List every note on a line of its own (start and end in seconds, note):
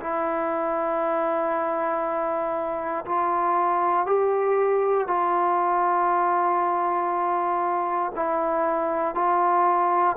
0.00 3.05 E4
3.06 4.06 F4
4.06 5.07 G4
5.07 8.12 F4
8.15 9.15 E4
9.15 10.16 F4